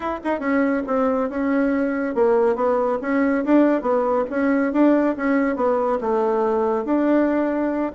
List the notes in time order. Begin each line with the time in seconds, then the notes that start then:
0.00 E4
0.24 D#4
0.39 C#4
0.86 C4
1.29 C#4
2.14 A#3
2.55 B3
3.01 C#4
3.44 D4
3.81 B3
4.30 C#4
4.72 D4
5.16 C#4
5.56 B3
6.00 A3
6.85 D4